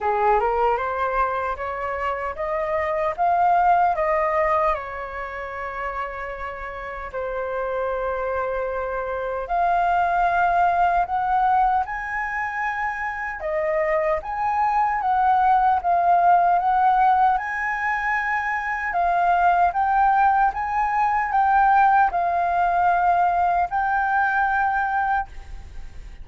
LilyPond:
\new Staff \with { instrumentName = "flute" } { \time 4/4 \tempo 4 = 76 gis'8 ais'8 c''4 cis''4 dis''4 | f''4 dis''4 cis''2~ | cis''4 c''2. | f''2 fis''4 gis''4~ |
gis''4 dis''4 gis''4 fis''4 | f''4 fis''4 gis''2 | f''4 g''4 gis''4 g''4 | f''2 g''2 | }